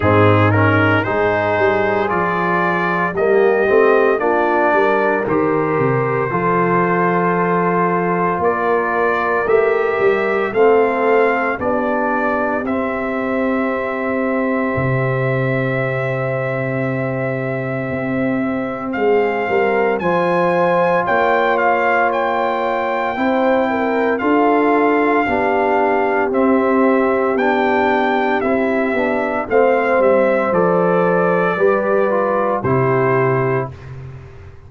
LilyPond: <<
  \new Staff \with { instrumentName = "trumpet" } { \time 4/4 \tempo 4 = 57 gis'8 ais'8 c''4 d''4 dis''4 | d''4 c''2. | d''4 e''4 f''4 d''4 | e''1~ |
e''2 f''4 gis''4 | g''8 f''8 g''2 f''4~ | f''4 e''4 g''4 e''4 | f''8 e''8 d''2 c''4 | }
  \new Staff \with { instrumentName = "horn" } { \time 4/4 dis'4 gis'2 g'4 | f'8 ais'4. a'2 | ais'2 a'4 g'4~ | g'1~ |
g'2 gis'8 ais'8 c''4 | cis''2 c''8 ais'8 a'4 | g'1 | c''2 b'4 g'4 | }
  \new Staff \with { instrumentName = "trombone" } { \time 4/4 c'8 cis'8 dis'4 f'4 ais8 c'8 | d'4 g'4 f'2~ | f'4 g'4 c'4 d'4 | c'1~ |
c'2. f'4~ | f'2 e'4 f'4 | d'4 c'4 d'4 e'8 d'8 | c'4 a'4 g'8 f'8 e'4 | }
  \new Staff \with { instrumentName = "tuba" } { \time 4/4 gis,4 gis8 g8 f4 g8 a8 | ais8 g8 dis8 c8 f2 | ais4 a8 g8 a4 b4 | c'2 c2~ |
c4 c'4 gis8 g8 f4 | ais2 c'4 d'4 | b4 c'4 b4 c'8 b8 | a8 g8 f4 g4 c4 | }
>>